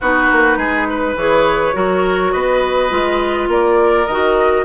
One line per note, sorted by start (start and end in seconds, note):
0.00 0.30 B3
0.00 1.18 D#4
0.00 0.58 F#4
0.00 1.17 B4
0.32 0.56 A#3
0.56 1.15 G#3
0.56 0.87 G#4
0.89 1.75 B4
1.15 1.74 E3
1.15 1.73 G#4
1.15 2.32 C#5
1.73 2.33 F#3
1.73 2.89 F#4
1.73 2.32 A#4
2.32 2.91 B3
2.32 3.49 B4
2.32 3.48 D#5
2.89 3.48 G#3
2.89 4.05 F4
3.48 4.06 A#3
3.48 4.64 A#4
3.48 4.06 D5
4.06 4.64 D#3
4.06 4.64 F#4
4.06 4.64 D#5